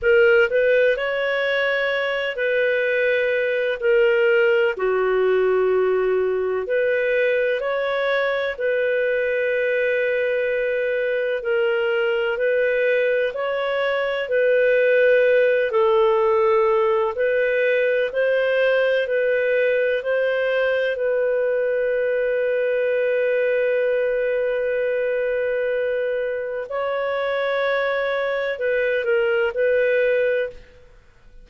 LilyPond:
\new Staff \with { instrumentName = "clarinet" } { \time 4/4 \tempo 4 = 63 ais'8 b'8 cis''4. b'4. | ais'4 fis'2 b'4 | cis''4 b'2. | ais'4 b'4 cis''4 b'4~ |
b'8 a'4. b'4 c''4 | b'4 c''4 b'2~ | b'1 | cis''2 b'8 ais'8 b'4 | }